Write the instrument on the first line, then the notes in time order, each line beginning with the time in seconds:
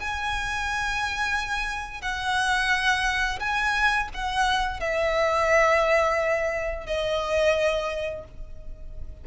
violin
0.00 G#5
2.02 F#5
3.40 G#5
4.14 F#5
4.81 E5
6.87 D#5